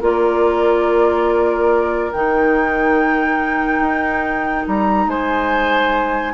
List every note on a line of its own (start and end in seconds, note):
0.00 2.12 A#3
0.00 2.12 F4
0.00 5.07 A#4
0.00 2.12 D5
2.12 3.80 D#3
2.12 6.33 D#4
2.12 4.65 G5
3.80 4.64 D#4
4.67 5.06 G3
4.67 5.09 A#5
5.06 6.33 G#3
5.06 6.33 C5
5.06 6.33 G#5